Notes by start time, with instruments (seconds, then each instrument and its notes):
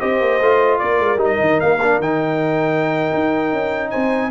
0.00 tuba C4, trombone G4, horn C5, trumpet D#5
0.21 tuba A#3
0.40 tuba A3, trombone F4
0.79 tuba A#3, horn A#4, trumpet D5
1.00 tuba G#3
1.17 tuba G3, trombone D#4
1.25 trumpet D#5
1.41 tuba D#3
1.60 tuba A#3, trumpet F5
1.82 trombone D4
1.99 tuba D#3, trombone D#4, trumpet G5
3.14 tuba D#4
3.53 tuba C#4
3.91 tuba C4, horn C5, trumpet G#5